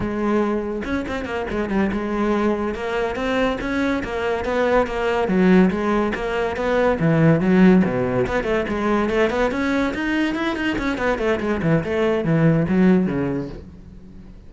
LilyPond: \new Staff \with { instrumentName = "cello" } { \time 4/4 \tempo 4 = 142 gis2 cis'8 c'8 ais8 gis8 | g8 gis2 ais4 c'8~ | c'8 cis'4 ais4 b4 ais8~ | ais8 fis4 gis4 ais4 b8~ |
b8 e4 fis4 b,4 b8 | a8 gis4 a8 b8 cis'4 dis'8~ | dis'8 e'8 dis'8 cis'8 b8 a8 gis8 e8 | a4 e4 fis4 cis4 | }